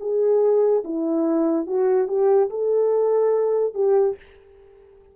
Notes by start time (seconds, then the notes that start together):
0.00 G#4
0.84 E4
1.66 F#4
2.08 G4
2.50 A4
3.74 G4